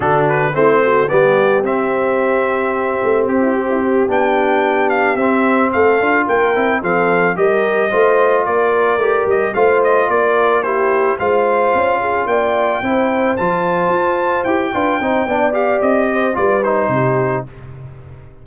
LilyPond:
<<
  \new Staff \with { instrumentName = "trumpet" } { \time 4/4 \tempo 4 = 110 a'8 b'8 c''4 d''4 e''4~ | e''2 g'4. g''8~ | g''4 f''8 e''4 f''4 g''8~ | g''8 f''4 dis''2 d''8~ |
d''4 dis''8 f''8 dis''8 d''4 c''8~ | c''8 f''2 g''4.~ | g''8 a''2 g''4.~ | g''8 f''8 dis''4 d''8 c''4. | }
  \new Staff \with { instrumentName = "horn" } { \time 4/4 fis'4 e'8 fis'8 g'2~ | g'2~ g'16 e'16 g'16 e'16 g'4~ | g'2~ g'8 a'4 ais'8~ | ais'8 a'4 ais'4 c''4 ais'8~ |
ais'4. c''4 ais'4 g'8~ | g'8 c''4. gis'8 d''4 c''8~ | c''2. b'8 c''8 | d''4. c''8 b'4 g'4 | }
  \new Staff \with { instrumentName = "trombone" } { \time 4/4 d'4 c'4 b4 c'4~ | c'2.~ c'8 d'8~ | d'4. c'4. f'4 | e'8 c'4 g'4 f'4.~ |
f'8 g'4 f'2 e'8~ | e'8 f'2. e'8~ | e'8 f'2 g'8 f'8 dis'8 | d'8 g'4. f'8 dis'4. | }
  \new Staff \with { instrumentName = "tuba" } { \time 4/4 d4 a4 g4 c'4~ | c'4. a8 c'4. b8~ | b4. c'4 a8 d'8 ais8 | c'8 f4 g4 a4 ais8~ |
ais8 a8 g8 a4 ais4.~ | ais8 gis4 cis'4 ais4 c'8~ | c'8 f4 f'4 e'8 d'8 c'8 | b4 c'4 g4 c4 | }
>>